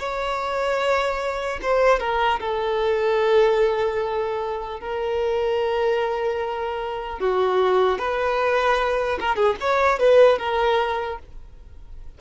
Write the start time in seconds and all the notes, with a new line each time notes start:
0.00 C#5
1.63 C5
2.00 A#4
2.40 A4
4.80 A#4
7.20 F#4
7.99 B4
9.21 A#4
9.36 G#4
9.61 C#5
10.00 B4
10.39 A#4